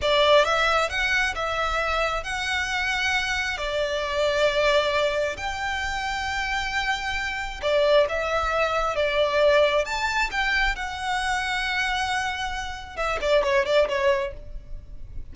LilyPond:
\new Staff \with { instrumentName = "violin" } { \time 4/4 \tempo 4 = 134 d''4 e''4 fis''4 e''4~ | e''4 fis''2. | d''1 | g''1~ |
g''4 d''4 e''2 | d''2 a''4 g''4 | fis''1~ | fis''4 e''8 d''8 cis''8 d''8 cis''4 | }